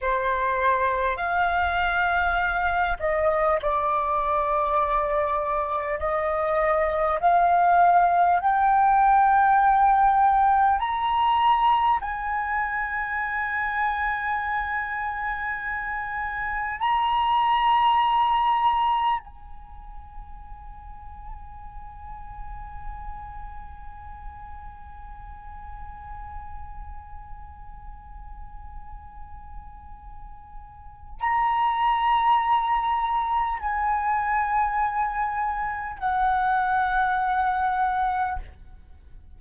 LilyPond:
\new Staff \with { instrumentName = "flute" } { \time 4/4 \tempo 4 = 50 c''4 f''4. dis''8 d''4~ | d''4 dis''4 f''4 g''4~ | g''4 ais''4 gis''2~ | gis''2 ais''2 |
gis''1~ | gis''1~ | gis''2 ais''2 | gis''2 fis''2 | }